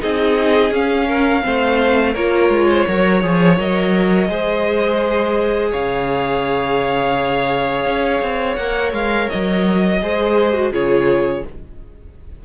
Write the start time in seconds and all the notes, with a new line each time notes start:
0.00 C4 D#4 G#4 D#5
0.71 C#4 F5
1.08 A#4
1.43 A3 C4 C5
2.13 A#3 F4 A#4 C#5
2.50 G#3
2.70 C5
2.88 F#3 A#4 C#5
3.22 F3 G#4
3.58 F#3 A#4 D#5
4.29 G#3 G#4 C5
5.71 C#3 C#5 F5
7.86 C#4
8.22 C4
8.56 A#3 A#4 F#5
8.93 G#3 F5
9.30 F#3 D#5
10.02 G#3 G#4 C5
10.54 F#4
10.72 C#3 F4 G#4 C#5